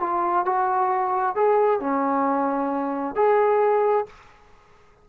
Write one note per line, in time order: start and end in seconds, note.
0.00 0.45 F4
0.46 1.36 F#4
1.36 1.80 G#4
1.80 3.15 C#4
3.15 4.06 G#4